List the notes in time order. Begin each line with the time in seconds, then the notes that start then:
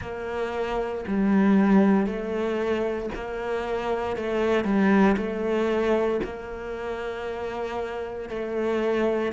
0.01 A#3
1.07 G3
2.06 A3
3.14 A#3
4.16 A3
4.64 G3
5.17 A3
6.24 A#3
8.29 A3